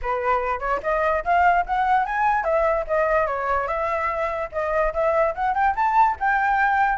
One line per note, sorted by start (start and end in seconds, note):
0.02 0.59 B4
0.59 0.80 C#5
0.83 1.24 D#5
1.24 1.65 F5
1.66 2.05 F#5
2.05 2.43 G#5
2.43 2.84 E5
2.87 3.26 D#5
3.26 3.67 C#5
3.67 4.49 E5
4.52 4.93 D#5
4.93 5.34 E5
5.34 5.54 F#5
5.54 5.74 G5
5.75 6.16 A5
6.19 6.98 G5